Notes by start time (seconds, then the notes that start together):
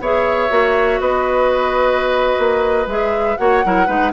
0.00 B3 G#4 C#5 E5
0.50 A#3 F#4
1.00 B3 B4 D#5
2.39 A#3
2.87 G#3 G#4 E5
3.37 A#3 F#4 C#5 F#5
3.65 F#3 E4 A#4
3.87 G#3 D#4 B4